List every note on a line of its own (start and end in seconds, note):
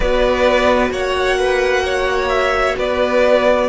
0.00 0.90 B3
0.00 3.69 F#4
0.00 0.92 B4
0.00 0.91 D5
0.91 2.75 A#3
0.91 1.38 C#5
0.91 2.28 F#5
1.38 1.84 B4
1.84 2.77 C#5
2.28 2.74 E5
2.77 3.69 B3
2.77 3.69 B4
2.77 3.69 D5